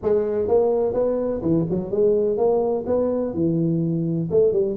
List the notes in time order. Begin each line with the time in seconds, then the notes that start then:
0.02 G#3
0.48 A#3
0.93 B3
1.41 E3
1.69 F#3
1.91 G#3
2.37 A#3
2.86 B3
3.34 E3
4.30 A3
4.52 G3